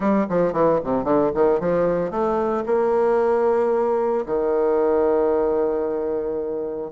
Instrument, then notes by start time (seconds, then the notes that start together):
bassoon
0.00 G3
0.29 F3
0.53 E3
0.84 C3
1.04 D3
1.34 D#3
1.59 F3
2.10 A3
2.65 A#3
4.26 D#3